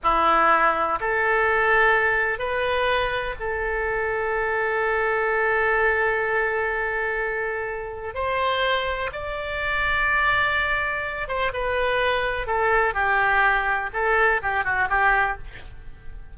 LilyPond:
\new Staff \with { instrumentName = "oboe" } { \time 4/4 \tempo 4 = 125 e'2 a'2~ | a'4 b'2 a'4~ | a'1~ | a'1~ |
a'4 c''2 d''4~ | d''2.~ d''8 c''8 | b'2 a'4 g'4~ | g'4 a'4 g'8 fis'8 g'4 | }